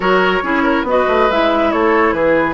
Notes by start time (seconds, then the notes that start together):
0.00 F#3 F#4 A#4 C#5
0.42 C#4 E4 G#4
0.63 A#4
0.83 B3 F#4 D#5
0.90 B4
1.08 A3
1.30 G#3 E4 E5
1.71 A3 A4 C#5
2.12 E3 G#4 B4